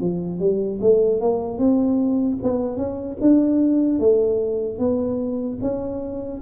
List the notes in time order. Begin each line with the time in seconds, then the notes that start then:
0.00 F3
0.39 G3
0.81 A3
1.20 A#3
1.58 C4
2.42 B3
2.77 C#4
3.21 D4
3.99 A3
4.78 B3
5.61 C#4